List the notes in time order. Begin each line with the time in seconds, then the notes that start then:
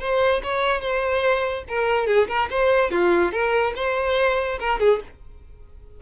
0.00 C5
0.43 C#5
0.81 C5
1.69 A#4
2.07 G#4
2.28 A#4
2.50 C5
2.91 F4
3.32 A#4
3.76 C5
4.60 A#4
4.80 G#4